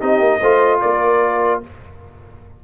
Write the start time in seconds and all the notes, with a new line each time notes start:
0.00 C4 D#4 G4 D#5
0.19 A#3
0.40 A3 F4 C5
0.81 A#3 A#4 D5